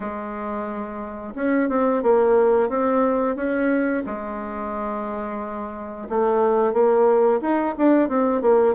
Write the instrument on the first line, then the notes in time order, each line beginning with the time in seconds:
bassoon
0.00 G#3
1.35 C#4
1.69 C4
2.02 A#3
2.69 C4
3.36 C#4
4.06 G#3
6.09 A3
6.73 A#3
7.41 D#4
7.77 D4
8.08 C4
8.41 A#3